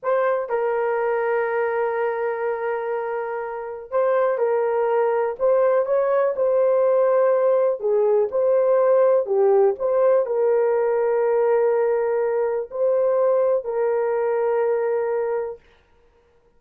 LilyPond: \new Staff \with { instrumentName = "horn" } { \time 4/4 \tempo 4 = 123 c''4 ais'2.~ | ais'1 | c''4 ais'2 c''4 | cis''4 c''2. |
gis'4 c''2 g'4 | c''4 ais'2.~ | ais'2 c''2 | ais'1 | }